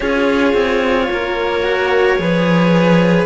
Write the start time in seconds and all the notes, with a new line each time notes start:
0.00 C#4 F4 G#4 C#5
0.53 C4
1.10 A#3 A#4
1.63 F#4
2.17 F3 G#4 B4